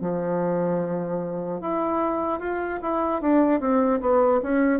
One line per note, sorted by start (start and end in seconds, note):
0.00 1.60 F3
1.60 2.39 E4
2.39 2.79 F4
2.81 3.21 E4
3.21 3.60 D4
3.60 4.00 C4
4.00 4.40 B3
4.43 4.80 C#4